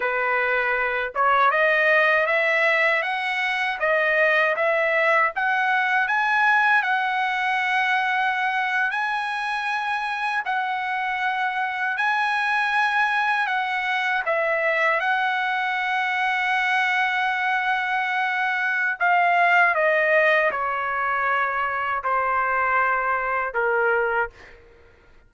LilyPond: \new Staff \with { instrumentName = "trumpet" } { \time 4/4 \tempo 4 = 79 b'4. cis''8 dis''4 e''4 | fis''4 dis''4 e''4 fis''4 | gis''4 fis''2~ fis''8. gis''16~ | gis''4.~ gis''16 fis''2 gis''16~ |
gis''4.~ gis''16 fis''4 e''4 fis''16~ | fis''1~ | fis''4 f''4 dis''4 cis''4~ | cis''4 c''2 ais'4 | }